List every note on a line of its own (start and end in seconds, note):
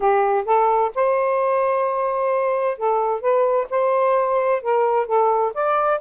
0.00 0.44 G4
0.45 0.91 A4
0.94 2.77 C5
2.77 3.21 A4
3.21 3.67 B4
3.69 4.62 C5
4.62 5.06 A#4
5.06 5.52 A4
5.54 6.00 D5